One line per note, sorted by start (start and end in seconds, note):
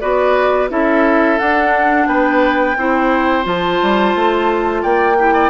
0.00 0.71 B3
0.00 0.69 F#4
0.00 0.70 B4
0.00 0.69 D5
0.69 1.40 C#4
0.69 1.38 E4
0.69 2.08 A4
0.69 1.39 E5
1.38 2.76 D4
1.38 2.07 D4
1.38 2.07 F#5
2.07 2.76 B3
2.07 2.77 B4
2.07 3.45 G5
2.77 3.46 C4
2.77 3.43 E4
2.77 4.82 C5
3.43 3.80 F3
3.43 5.16 F4
3.43 4.83 A5
3.82 4.15 G3
4.15 4.84 A3
4.82 5.50 A#3
4.82 5.17 D5
4.82 5.50 G5
5.19 5.50 E4
5.19 5.33 G4
5.33 5.50 D5